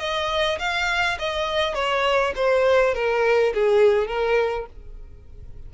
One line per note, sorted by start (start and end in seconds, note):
0.00 0.59 D#5
0.59 1.18 F5
1.19 1.75 D#5
1.75 2.34 C#5
2.36 2.95 C5
2.95 3.53 A#4
3.54 4.08 G#4
4.08 4.67 A#4